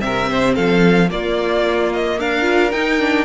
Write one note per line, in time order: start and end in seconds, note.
0.00 0.58 C3
0.00 1.08 C4
0.00 0.30 A#4
0.00 0.54 E5
0.30 0.55 C5
0.55 1.11 F3
0.55 1.09 A4
0.55 1.10 F5
1.09 2.42 A#3
1.09 2.19 A#3
1.09 2.19 F4
1.09 1.93 D5
1.93 2.20 D#5
2.19 2.73 D4
2.19 3.25 A#4
2.19 2.72 F5
2.42 2.69 F4
2.72 3.25 D#4
2.72 3.00 D#4
2.72 3.25 G5
3.00 3.25 D4